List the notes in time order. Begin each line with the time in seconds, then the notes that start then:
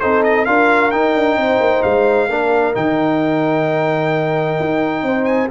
0.00 C4 D#4 A4 C5
0.23 D#5
0.45 D4 F4 A#4 F5
0.91 D#4 G5
1.15 D4
1.37 C4 C5
1.60 A#3
1.83 G#3 F5
2.29 A#3 D4 A#4
2.74 D#3 D#4 G5
4.60 D#4
5.03 C4 C5
5.25 G#5